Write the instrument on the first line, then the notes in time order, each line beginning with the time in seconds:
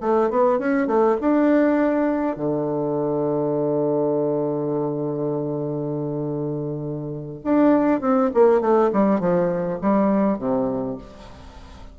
bassoon
0.00 A3
0.29 B3
0.58 C#4
0.87 A3
1.20 D4
2.36 D3
7.44 D4
8.00 C4
8.34 A#3
8.60 A3
8.92 G3
9.19 F3
9.81 G3
10.38 C3